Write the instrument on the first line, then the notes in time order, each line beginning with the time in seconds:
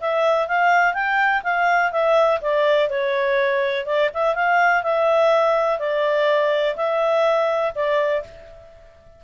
clarinet
0.00 E5
0.48 F5
0.94 G5
1.43 F5
1.92 E5
2.41 D5
2.89 C#5
3.86 D5
4.13 E5
4.35 F5
4.83 E5
5.79 D5
6.76 E5
7.75 D5